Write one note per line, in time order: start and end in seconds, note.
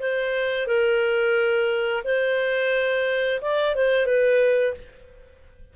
0.00 0.68 C5
0.68 2.04 A#4
2.05 3.41 C5
3.42 3.76 D5
3.76 4.06 C5
4.06 4.74 B4